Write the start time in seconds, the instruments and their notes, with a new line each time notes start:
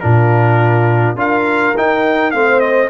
0.00 tuba A#2, trombone D4, horn F4, trumpet A#4
1.14 tuba D4, trombone F4, horn A#4, trumpet F5
1.77 tuba D#4, trombone D#4, trumpet G5
2.31 tuba A3, trombone C4, horn C5, trumpet F5
2.60 trumpet D#5